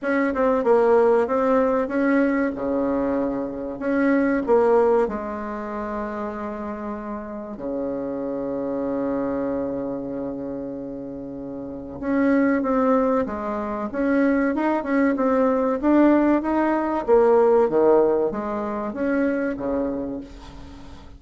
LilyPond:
\new Staff \with { instrumentName = "bassoon" } { \time 4/4 \tempo 4 = 95 cis'8 c'8 ais4 c'4 cis'4 | cis2 cis'4 ais4 | gis1 | cis1~ |
cis2. cis'4 | c'4 gis4 cis'4 dis'8 cis'8 | c'4 d'4 dis'4 ais4 | dis4 gis4 cis'4 cis4 | }